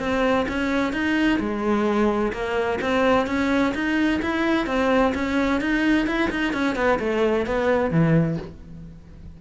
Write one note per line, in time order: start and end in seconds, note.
0.00 0.47 C4
0.49 0.93 C#4
0.93 1.40 D#4
1.40 2.33 G#3
2.33 2.80 A#3
2.82 3.27 C4
3.27 3.74 C#4
3.75 4.21 D#4
4.22 4.67 E4
4.67 5.14 C4
5.15 5.61 C#4
5.61 6.07 D#4
6.07 6.30 E4
6.31 6.53 D#4
6.53 6.76 C#4
6.76 6.99 B3
7.00 7.46 A3
7.47 7.91 B3
7.91 8.38 E3